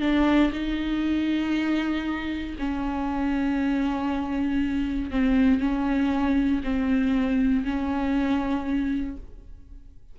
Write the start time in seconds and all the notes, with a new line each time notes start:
0.00 D4
0.52 D#4
2.58 C#4
5.11 C4
5.60 C#4
6.63 C4
7.64 C#4